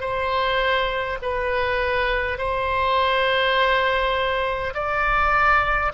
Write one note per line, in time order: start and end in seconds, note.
0.00 1.18 C5
1.21 2.38 B4
2.38 4.73 C5
4.74 5.91 D5